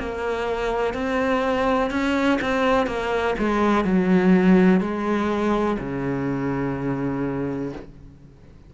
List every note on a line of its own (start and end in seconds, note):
0.00 0.94 A#3
0.94 1.91 C4
1.91 2.39 C#4
2.42 2.87 C4
2.87 3.35 A#3
3.39 3.85 G#3
3.85 4.81 F#3
4.81 5.78 G#3
5.79 7.73 C#3